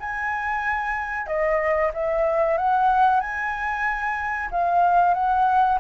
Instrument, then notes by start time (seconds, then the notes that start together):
flute
0.00 G#5
1.27 D#5
1.94 E5
2.58 F#5
3.20 G#5
4.51 F5
5.14 F#5